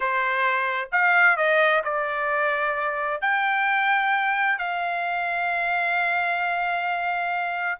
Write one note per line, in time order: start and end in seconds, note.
0.00 0.89 C5
0.91 1.36 F5
1.36 1.82 D#5
1.83 3.21 D5
3.21 4.58 G5
4.58 7.78 F5